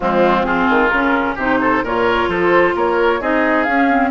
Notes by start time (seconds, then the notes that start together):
0.00 F3 G#3 C4 F4
0.43 C4 F4 G#4
0.69 D#3
0.89 C#3 C#4 A#4
1.35 C3 D#4 G4 C5
1.61 A4
1.83 A#2 F4 A#4 C#5
2.28 F3 A4 C5
2.75 A#3 A#4 C#5
3.20 C4 D#4 G#4 D#5
3.63 C#4 F5
3.89 C4